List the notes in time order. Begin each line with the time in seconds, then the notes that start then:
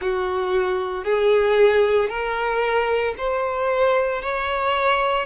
0.01 F#4
1.04 G#4
2.09 A#4
3.17 C5
4.22 C#5